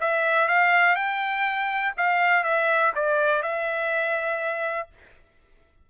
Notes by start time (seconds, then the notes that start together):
0.00 E5
0.48 F5
0.95 G5
1.97 F5
2.43 E5
2.95 D5
3.42 E5